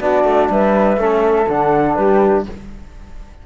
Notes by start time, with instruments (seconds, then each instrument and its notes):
0.00 cello B3, trombone D4, flute F#4 D5
0.25 cello A3
0.50 cello G3, flute B4 E5
0.97 cello A3, trombone C#4, flute A4
1.48 cello D3, trombone D4, flute F#5
1.95 cello G3, flute G4 B4